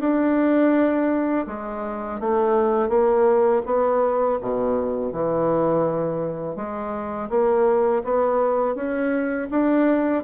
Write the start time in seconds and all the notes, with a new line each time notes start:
0.00 D4
1.47 G#3
2.21 A3
2.89 A#3
3.66 B3
4.42 B2
5.13 E3
6.57 G#3
7.30 A#3
8.05 B3
8.76 C#4
9.51 D4